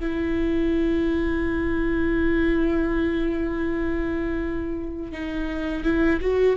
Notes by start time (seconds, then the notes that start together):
0.00 E4
5.12 D#4
5.84 E4
6.21 F#4